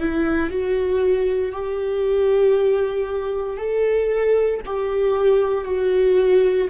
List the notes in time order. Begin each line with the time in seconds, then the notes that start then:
0.00 E4
0.50 F#4
1.52 G4
3.57 A4
4.66 G4
5.64 F#4